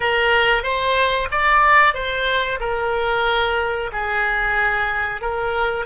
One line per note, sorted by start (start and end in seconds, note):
0.00 0.63 A#4
0.63 1.28 C5
1.31 1.94 D5
1.94 2.59 C5
2.60 3.90 A#4
3.92 5.21 G#4
5.21 5.85 A#4